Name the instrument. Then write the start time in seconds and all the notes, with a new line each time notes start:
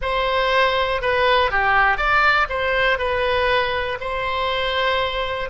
oboe
0.01 C5
1.01 B4
1.50 G4
1.97 D5
2.49 C5
2.98 B4
4.00 C5